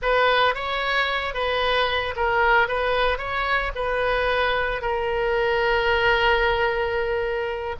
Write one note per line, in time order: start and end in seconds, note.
0.01 0.54 B4
0.54 1.34 C#5
1.34 2.14 B4
2.16 2.68 A#4
2.68 3.18 B4
3.18 3.71 C#5
3.75 4.81 B4
4.81 7.76 A#4